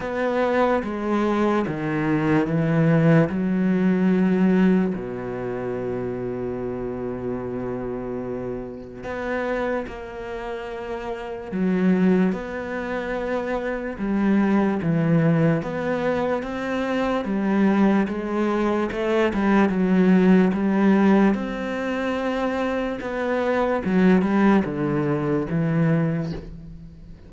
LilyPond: \new Staff \with { instrumentName = "cello" } { \time 4/4 \tempo 4 = 73 b4 gis4 dis4 e4 | fis2 b,2~ | b,2. b4 | ais2 fis4 b4~ |
b4 g4 e4 b4 | c'4 g4 gis4 a8 g8 | fis4 g4 c'2 | b4 fis8 g8 d4 e4 | }